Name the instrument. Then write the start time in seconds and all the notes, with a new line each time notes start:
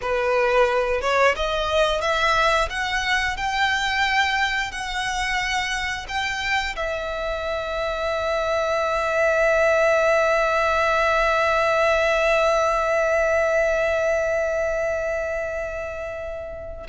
violin
0.01 B4
1.01 C#5
1.36 D#5
2.01 E5
2.69 F#5
3.36 G5
4.71 F#5
6.08 G5
6.75 E5